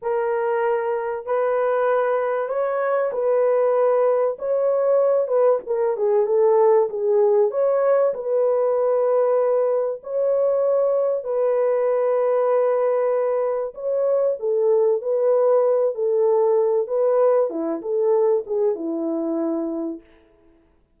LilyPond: \new Staff \with { instrumentName = "horn" } { \time 4/4 \tempo 4 = 96 ais'2 b'2 | cis''4 b'2 cis''4~ | cis''8 b'8 ais'8 gis'8 a'4 gis'4 | cis''4 b'2. |
cis''2 b'2~ | b'2 cis''4 a'4 | b'4. a'4. b'4 | e'8 a'4 gis'8 e'2 | }